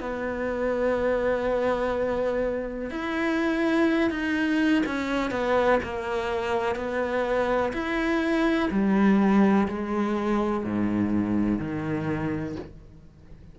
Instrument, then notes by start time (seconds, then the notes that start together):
cello
0.00 B3
2.90 E4
4.10 D#4
4.86 C#4
5.31 B3
5.83 A#3
6.76 B3
7.73 E4
8.71 G3
9.68 G#3
10.64 G#2
11.59 D#3